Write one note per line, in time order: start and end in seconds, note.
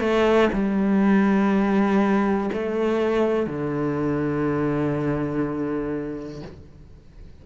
0.00 0.49 A3
0.53 2.50 G3
2.53 3.46 A3
3.46 6.42 D3